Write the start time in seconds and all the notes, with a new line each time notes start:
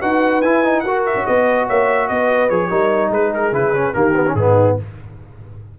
0.00 D#4 F#4 B4 F#5
0.42 E4 G#5
0.64 D#4
0.80 F#4 A#4 F#5
0.87 F#4
1.06 E5
1.15 C#4
1.26 B3 B4 D#5
1.66 A#3 C#5 E5
2.08 B3 B4 D#5
2.49 F3 G#4 C#5
2.69 G3 D#4 A#4
3.10 G#3 G#4 B4
3.34 A#4
3.52 C#3 E4 B4
3.74 C#4
3.93 D#3 A#3 G4 A#4
4.15 B3
4.27 C#4
4.34 G#2 B3 D#4 G#4